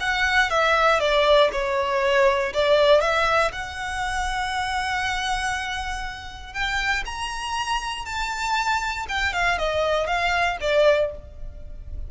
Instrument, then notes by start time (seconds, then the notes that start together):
violin
0.00 F#5
0.50 E5
0.99 D5
1.52 C#5
2.53 D5
3.01 E5
3.52 F#5
6.53 G5
7.05 A#5
8.05 A5
9.08 G5
9.33 F5
9.58 D#5
10.07 F5
10.60 D5